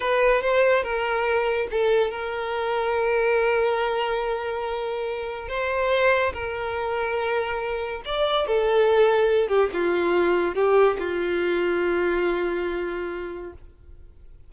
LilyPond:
\new Staff \with { instrumentName = "violin" } { \time 4/4 \tempo 4 = 142 b'4 c''4 ais'2 | a'4 ais'2.~ | ais'1~ | ais'4 c''2 ais'4~ |
ais'2. d''4 | a'2~ a'8 g'8 f'4~ | f'4 g'4 f'2~ | f'1 | }